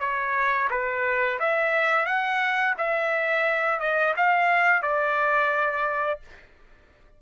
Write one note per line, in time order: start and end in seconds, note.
0.00 0.69 C#5
0.71 1.39 B4
1.40 2.06 E5
2.06 2.75 F#5
2.78 3.80 E5
3.80 4.14 D#5
4.17 4.82 F5
4.82 6.20 D5